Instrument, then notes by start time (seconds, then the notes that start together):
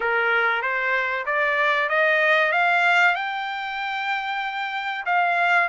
trumpet
0.00 A#4
0.61 C5
1.25 D5
1.89 D#5
2.52 F5
3.15 G5
5.05 F5